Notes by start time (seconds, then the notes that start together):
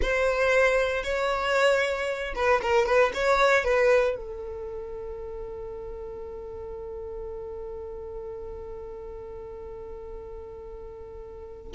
0.01 C5
1.03 C#5
2.35 B4
2.61 A#4
2.86 B4
3.14 C#5
3.64 B4
4.16 A4